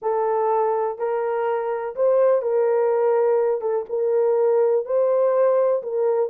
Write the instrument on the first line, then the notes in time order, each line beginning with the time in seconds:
horn
0.02 A4
0.98 A#4
1.95 C5
2.42 A#4
3.61 A4
3.89 A#4
4.85 C5
5.82 A#4